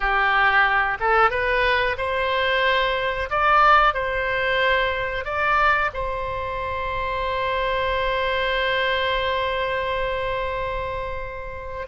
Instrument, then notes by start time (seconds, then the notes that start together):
oboe
0.00 G4
1.00 A4
1.30 B4
1.98 C5
3.30 D5
3.94 C5
5.24 D5
5.93 C5